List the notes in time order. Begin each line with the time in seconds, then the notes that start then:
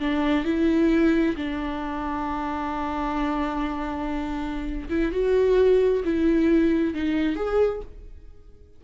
0.00 D4
0.45 E4
1.36 D4
4.90 E4
5.12 F#4
6.05 E4
6.94 D#4
7.36 G#4